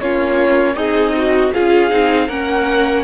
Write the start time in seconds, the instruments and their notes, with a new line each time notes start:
0.00 cello A#3, viola C#4, violin F4 C#5
0.75 cello C4, violin D#4 D#5, viola G#4
1.17 viola F#4
1.53 cello C#4, viola F4, violin G#4 F5
1.90 cello C4, viola D#4
2.27 cello A#3, viola C#4, violin A#4 F#5